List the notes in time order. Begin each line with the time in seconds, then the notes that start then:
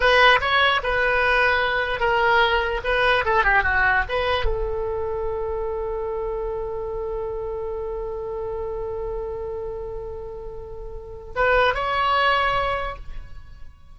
0.00 B4
0.40 C#5
0.83 B4
2.00 A#4
2.83 B4
3.25 A4
3.43 G4
3.63 F#4
4.08 B4
4.45 A4
11.35 B4
11.74 C#5